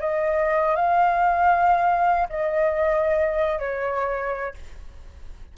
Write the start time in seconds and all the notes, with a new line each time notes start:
0.00 D#5
0.76 F5
2.30 D#5
3.59 C#5